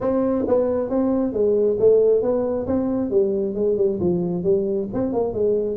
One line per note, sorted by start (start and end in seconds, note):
0.00 0.45 C4
0.47 0.89 B3
0.89 1.32 C4
1.32 1.77 G#3
1.79 2.21 A3
2.21 2.66 B3
2.66 3.10 C4
3.10 3.55 G3
3.55 3.77 G#3
3.77 3.99 G3
4.00 4.43 F3
4.43 4.88 G3
4.93 5.12 C4
5.12 5.33 A#3
5.33 5.77 G#3